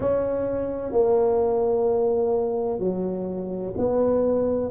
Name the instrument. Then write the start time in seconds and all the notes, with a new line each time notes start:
tuba
0.00 C#4
0.92 A#3
2.79 F#3
3.77 B3